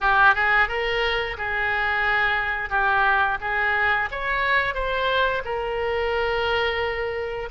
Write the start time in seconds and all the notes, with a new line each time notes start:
0.00 G4
0.34 G#4
0.68 A#4
1.37 G#4
2.69 G4
3.41 G#4
4.11 C#5
4.74 C5
5.44 A#4